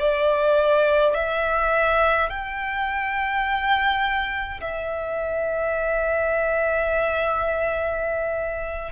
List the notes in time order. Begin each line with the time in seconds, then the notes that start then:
0.00 D5
1.15 E5
2.30 G5
4.62 E5